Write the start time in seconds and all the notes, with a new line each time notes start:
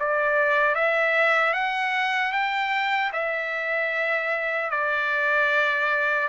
0.00 D5
0.75 E5
1.54 F#5
2.32 G5
3.13 E5
4.70 D5